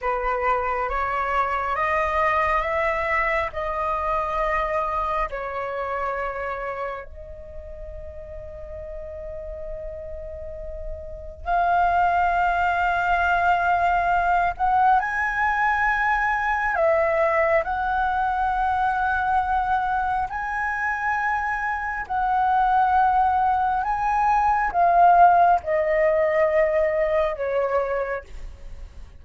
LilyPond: \new Staff \with { instrumentName = "flute" } { \time 4/4 \tempo 4 = 68 b'4 cis''4 dis''4 e''4 | dis''2 cis''2 | dis''1~ | dis''4 f''2.~ |
f''8 fis''8 gis''2 e''4 | fis''2. gis''4~ | gis''4 fis''2 gis''4 | f''4 dis''2 cis''4 | }